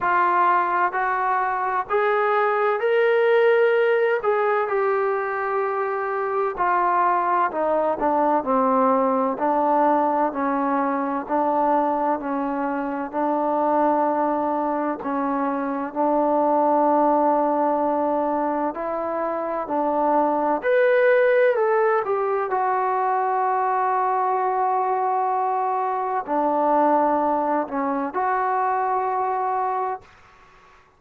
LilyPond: \new Staff \with { instrumentName = "trombone" } { \time 4/4 \tempo 4 = 64 f'4 fis'4 gis'4 ais'4~ | ais'8 gis'8 g'2 f'4 | dis'8 d'8 c'4 d'4 cis'4 | d'4 cis'4 d'2 |
cis'4 d'2. | e'4 d'4 b'4 a'8 g'8 | fis'1 | d'4. cis'8 fis'2 | }